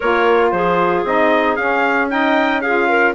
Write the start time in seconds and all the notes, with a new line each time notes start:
0.00 A#3 F4 A#4 C#5
0.51 F3 G#4 C5
1.04 C4 D#4 D#5
1.55 C#4 F5
2.09 D#4 D#5 G5
2.61 F4 G#4 F5
2.88 A#4